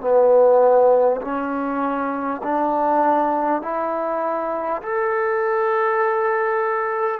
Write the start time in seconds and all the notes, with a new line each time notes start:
0.00 B3
1.21 C#4
2.43 D4
3.61 E4
4.82 A4